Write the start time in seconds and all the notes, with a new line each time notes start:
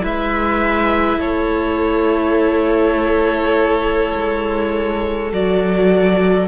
0.00 G#3 E4 B4 E5
1.18 A3 A4 C#5
4.16 G#3
5.32 F#3 F#4 D5